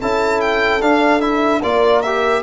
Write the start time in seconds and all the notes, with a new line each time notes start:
0.00 C#4 E4 A4 A5
0.41 G5
0.81 D4 F5
1.21 E4 E5
1.62 A#3 F4 A#4 D5
2.03 G4 E5